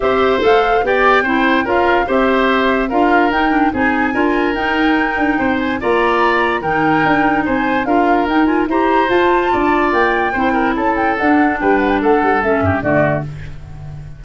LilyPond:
<<
  \new Staff \with { instrumentName = "flute" } { \time 4/4 \tempo 4 = 145 e''4 f''4 g''2 | f''4 e''2 f''4 | g''4 gis''2 g''4~ | g''4. gis''8 ais''2 |
g''2 gis''4 f''4 | g''8 gis''8 ais''4 a''2 | g''2 a''8 g''8 fis''4 | g''8 fis''16 g''16 fis''4 e''4 d''4 | }
  \new Staff \with { instrumentName = "oboe" } { \time 4/4 c''2 d''4 c''4 | ais'4 c''2 ais'4~ | ais'4 gis'4 ais'2~ | ais'4 c''4 d''2 |
ais'2 c''4 ais'4~ | ais'4 c''2 d''4~ | d''4 c''8 ais'8 a'2 | b'4 a'4. g'8 fis'4 | }
  \new Staff \with { instrumentName = "clarinet" } { \time 4/4 g'4 a'4 g'4 e'4 | f'4 g'2 f'4 | dis'8 d'8 dis'4 f'4 dis'4~ | dis'2 f'2 |
dis'2. f'4 | dis'8 f'8 g'4 f'2~ | f'4 e'2 d'4~ | d'2 cis'4 a4 | }
  \new Staff \with { instrumentName = "tuba" } { \time 4/4 c'4 a4 b4 c'4 | cis'4 c'2 d'4 | dis'4 c'4 d'4 dis'4~ | dis'8 d'8 c'4 ais2 |
dis4 d'4 c'4 d'4 | dis'4 e'4 f'4 d'4 | ais4 c'4 cis'4 d'4 | g4 a8 g8 a8 g,8 d4 | }
>>